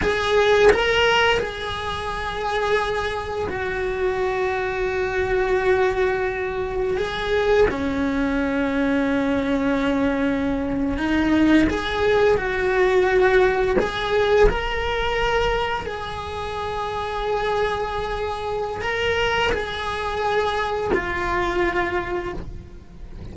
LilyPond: \new Staff \with { instrumentName = "cello" } { \time 4/4 \tempo 4 = 86 gis'4 ais'4 gis'2~ | gis'4 fis'2.~ | fis'2 gis'4 cis'4~ | cis'2.~ cis'8. dis'16~ |
dis'8. gis'4 fis'2 gis'16~ | gis'8. ais'2 gis'4~ gis'16~ | gis'2. ais'4 | gis'2 f'2 | }